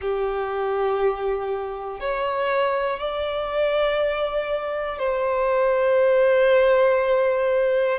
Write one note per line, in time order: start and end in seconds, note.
0.00 2.00 G4
2.00 2.99 C#5
2.99 4.98 D5
4.98 7.98 C5